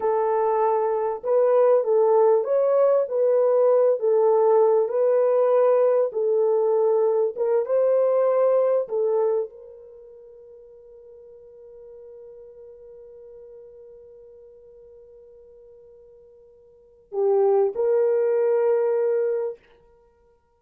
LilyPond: \new Staff \with { instrumentName = "horn" } { \time 4/4 \tempo 4 = 98 a'2 b'4 a'4 | cis''4 b'4. a'4. | b'2 a'2 | ais'8 c''2 a'4 ais'8~ |
ais'1~ | ais'1~ | ais'1 | g'4 ais'2. | }